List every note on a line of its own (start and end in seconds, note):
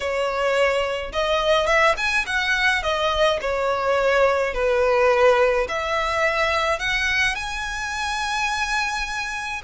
0.00 1.12 C#5
1.12 1.66 D#5
1.66 1.95 E5
1.97 2.25 G#5
2.26 2.83 F#5
2.83 3.39 D#5
3.41 4.54 C#5
4.54 5.67 B4
5.68 6.79 E5
6.79 7.35 F#5
7.35 9.61 G#5